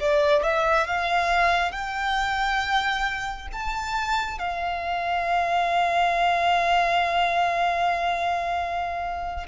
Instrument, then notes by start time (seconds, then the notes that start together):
violin
0.00 D5
0.43 E5
0.87 F5
1.72 G5
3.52 A5
4.39 F5